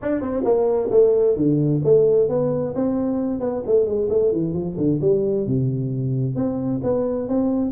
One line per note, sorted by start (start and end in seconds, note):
0.02 0.21 D4
0.21 0.43 C4
0.44 0.89 A#3
0.90 1.36 A3
1.36 1.81 D3
1.84 2.29 A3
2.29 2.74 B3
2.75 3.40 C4
3.40 3.62 B3
3.66 3.85 A3
3.85 4.08 G#3
4.09 4.32 A3
4.32 4.53 E3
4.53 4.76 F3
4.77 5.00 D3
5.01 5.46 G3
5.46 6.35 C3
6.35 6.81 C4
6.83 7.28 B3
7.28 7.71 C4